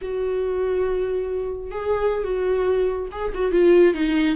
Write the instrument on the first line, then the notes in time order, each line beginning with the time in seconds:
viola
0.01 F#4
1.71 G#4
2.23 F#4
3.11 G#4
3.34 F#4
3.51 F4
3.93 D#4